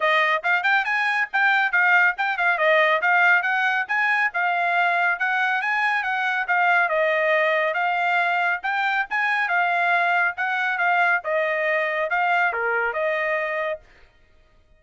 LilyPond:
\new Staff \with { instrumentName = "trumpet" } { \time 4/4 \tempo 4 = 139 dis''4 f''8 g''8 gis''4 g''4 | f''4 g''8 f''8 dis''4 f''4 | fis''4 gis''4 f''2 | fis''4 gis''4 fis''4 f''4 |
dis''2 f''2 | g''4 gis''4 f''2 | fis''4 f''4 dis''2 | f''4 ais'4 dis''2 | }